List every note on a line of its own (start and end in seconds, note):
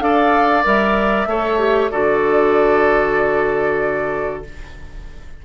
0.00 0.64 D4
0.00 0.63 A4
0.00 1.29 D5
0.00 0.64 F5
0.63 1.26 G3
0.63 1.26 A#4
0.63 1.90 E5
1.26 1.89 A3
1.26 1.58 A4
1.26 1.91 C#5
1.58 1.90 G4
1.90 4.45 D3
1.90 4.44 F#4
1.90 4.44 A4
1.90 4.43 D5